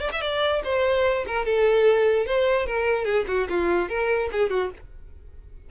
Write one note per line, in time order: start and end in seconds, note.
0.00 0.10 D5
0.12 0.21 E5
0.21 0.62 D5
0.64 1.25 C5
1.26 1.45 A#4
1.45 2.26 A4
2.26 2.66 C5
2.66 3.04 A#4
3.04 3.25 G#4
3.27 3.48 F#4
3.49 3.88 F4
3.88 4.29 A#4
4.32 4.50 G#4
4.50 4.70 F#4